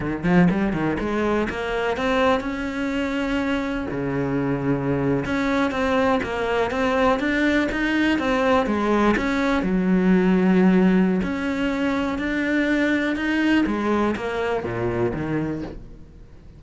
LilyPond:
\new Staff \with { instrumentName = "cello" } { \time 4/4 \tempo 4 = 123 dis8 f8 g8 dis8 gis4 ais4 | c'4 cis'2. | cis2~ cis8. cis'4 c'16~ | c'8. ais4 c'4 d'4 dis'16~ |
dis'8. c'4 gis4 cis'4 fis16~ | fis2. cis'4~ | cis'4 d'2 dis'4 | gis4 ais4 ais,4 dis4 | }